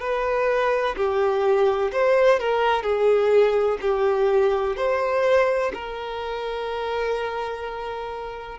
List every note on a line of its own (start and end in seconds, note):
0.00 0.95 B4
0.96 1.91 G4
1.92 2.39 C5
2.39 2.83 A#4
2.83 3.78 G#4
3.81 4.76 G4
4.76 5.71 C5
5.73 8.58 A#4